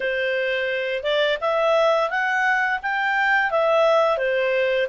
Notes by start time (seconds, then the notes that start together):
0.00 C5
1.03 D5
1.40 E5
2.10 F#5
2.82 G5
3.51 E5
4.17 C5